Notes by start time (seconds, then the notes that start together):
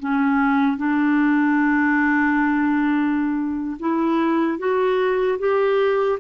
0.00 C#4
0.77 D4
3.80 E4
4.59 F#4
5.39 G4